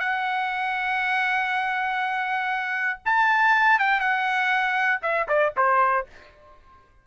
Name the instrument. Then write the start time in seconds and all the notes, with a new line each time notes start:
trumpet
0.00 F#5
3.06 A5
3.79 G5
4.01 F#5
5.02 E5
5.29 D5
5.57 C5